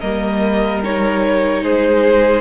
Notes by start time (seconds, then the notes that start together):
0.00 G3 A#3 A#4 D#5
0.83 D#4 C#5
1.62 G#3 G#4 C5